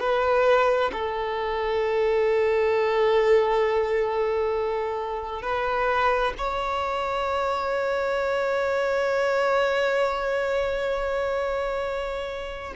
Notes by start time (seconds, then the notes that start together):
0.00 B4
0.93 A4
5.42 B4
6.38 C#5